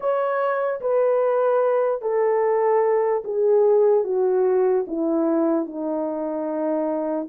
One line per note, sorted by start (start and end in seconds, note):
0.00 0.80 C#5
0.81 2.01 B4
2.01 3.23 A4
3.24 4.04 G#4
4.04 4.85 F#4
4.87 5.65 E4
5.65 7.28 D#4